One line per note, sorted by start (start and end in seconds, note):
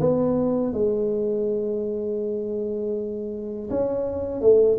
0.00 0.73 B3
0.73 3.69 G#3
3.70 4.41 C#4
4.41 4.78 A3